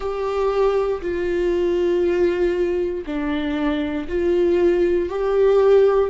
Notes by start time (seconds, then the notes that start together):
0.00 G4
1.01 F4
3.06 D4
4.08 F4
5.09 G4